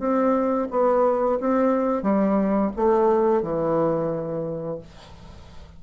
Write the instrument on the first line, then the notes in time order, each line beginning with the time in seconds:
bassoon
0.00 C4
0.71 B3
1.41 C4
2.03 G3
2.77 A3
3.43 E3